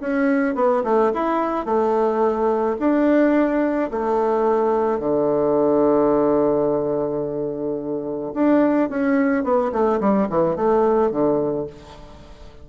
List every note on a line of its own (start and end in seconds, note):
0.00 0.55 C#4
0.55 0.83 B3
0.84 1.11 A3
1.14 1.65 E4
1.65 2.77 A3
2.79 3.90 D4
3.91 4.99 A3
4.99 8.33 D3
8.34 8.89 D4
8.89 9.43 C#4
9.43 9.71 B3
9.72 10.00 A3
10.00 10.28 G3
10.29 10.55 E3
10.55 11.11 A3
11.11 11.66 D3